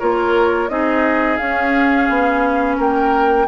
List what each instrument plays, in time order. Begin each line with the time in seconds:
0.00 bassoon A#3, clarinet F4, oboe A#4, flute C#5
0.69 bassoon C4, clarinet D#4, oboe G#4, flute D#5
1.37 bassoon C#4, clarinet C#4, flute F5
2.09 bassoon B3
2.77 bassoon A#3, oboe A#4, flute G5